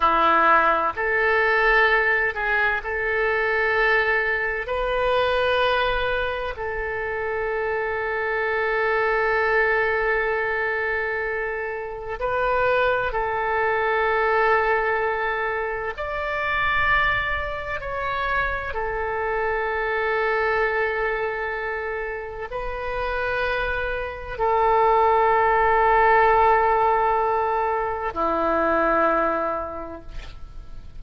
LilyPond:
\new Staff \with { instrumentName = "oboe" } { \time 4/4 \tempo 4 = 64 e'4 a'4. gis'8 a'4~ | a'4 b'2 a'4~ | a'1~ | a'4 b'4 a'2~ |
a'4 d''2 cis''4 | a'1 | b'2 a'2~ | a'2 e'2 | }